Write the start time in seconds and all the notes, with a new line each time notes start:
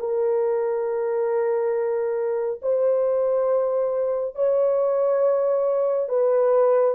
0.00 A#4
2.62 C5
4.36 C#5
6.09 B4